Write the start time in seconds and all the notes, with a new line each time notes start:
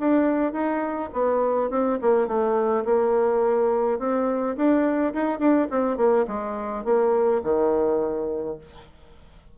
0.00 D4
0.53 D#4
1.13 B3
1.70 C4
2.02 A#3
2.28 A3
2.85 A#3
3.99 C4
4.57 D4
5.14 D#4
5.39 D4
5.71 C4
5.97 A#3
6.28 G#3
6.85 A#3
7.43 D#3